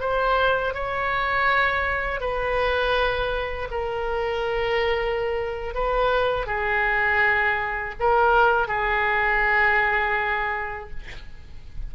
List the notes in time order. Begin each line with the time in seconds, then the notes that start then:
0.00 C5
0.74 C#5
2.21 B4
3.71 A#4
5.74 B4
6.46 G#4
8.00 A#4
8.68 G#4